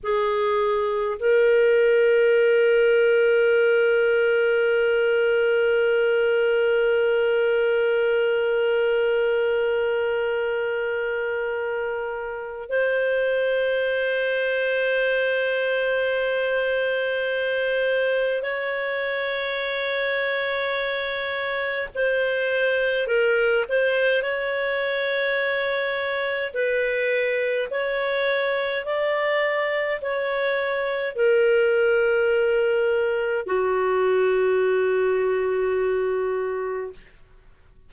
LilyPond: \new Staff \with { instrumentName = "clarinet" } { \time 4/4 \tempo 4 = 52 gis'4 ais'2.~ | ais'1~ | ais'2. c''4~ | c''1 |
cis''2. c''4 | ais'8 c''8 cis''2 b'4 | cis''4 d''4 cis''4 ais'4~ | ais'4 fis'2. | }